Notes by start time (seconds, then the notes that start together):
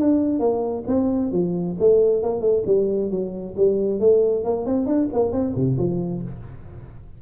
0.00 D4
0.39 A#3
0.87 C4
1.32 F3
1.79 A3
2.23 A#3
2.41 A3
2.66 G3
3.11 F#3
3.57 G3
4.00 A3
4.44 A#3
4.66 C4
4.86 D4
5.13 A#3
5.32 C4
5.55 C3
5.78 F3